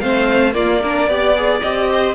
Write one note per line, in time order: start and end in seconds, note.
0.00 0.55 A3
0.00 0.54 C4
0.00 0.54 C5
0.00 0.54 F5
0.54 0.81 A#3
0.54 1.08 A#3
0.54 0.81 F4
0.54 1.61 D5
0.83 1.09 D4
0.83 1.10 A#4
1.08 1.62 B3
1.08 1.36 G4
1.08 1.90 D5
1.36 1.63 G#4
1.61 2.15 C4
1.61 2.15 G4
1.61 2.15 D#5
1.92 2.15 C5